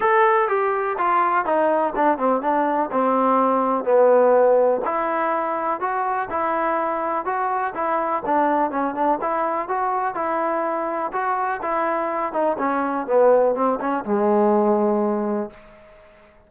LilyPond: \new Staff \with { instrumentName = "trombone" } { \time 4/4 \tempo 4 = 124 a'4 g'4 f'4 dis'4 | d'8 c'8 d'4 c'2 | b2 e'2 | fis'4 e'2 fis'4 |
e'4 d'4 cis'8 d'8 e'4 | fis'4 e'2 fis'4 | e'4. dis'8 cis'4 b4 | c'8 cis'8 gis2. | }